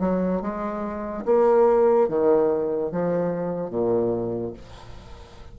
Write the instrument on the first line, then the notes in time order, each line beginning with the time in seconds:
bassoon
0.00 F#3
0.42 G#3
1.25 A#3
2.08 D#3
2.92 F3
3.70 A#2